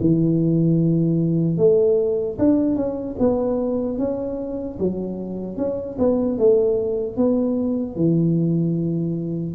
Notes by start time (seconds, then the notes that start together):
0.00 E3
1.57 A3
2.38 D4
2.75 C#4
3.19 B3
3.98 C#4
4.79 F#3
5.57 C#4
5.99 B3
6.38 A3
7.16 B3
7.95 E3